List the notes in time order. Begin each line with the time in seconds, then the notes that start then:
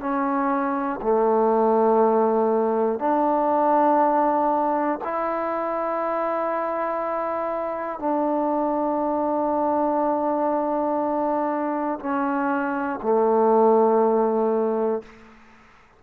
0.00 C#4
1.02 A3
3.00 D4
5.04 E4
8.00 D4
12.00 C#4
13.03 A3